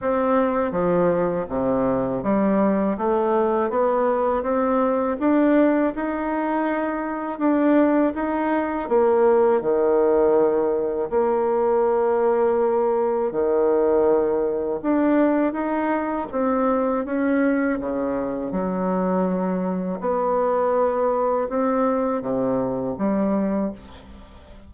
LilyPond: \new Staff \with { instrumentName = "bassoon" } { \time 4/4 \tempo 4 = 81 c'4 f4 c4 g4 | a4 b4 c'4 d'4 | dis'2 d'4 dis'4 | ais4 dis2 ais4~ |
ais2 dis2 | d'4 dis'4 c'4 cis'4 | cis4 fis2 b4~ | b4 c'4 c4 g4 | }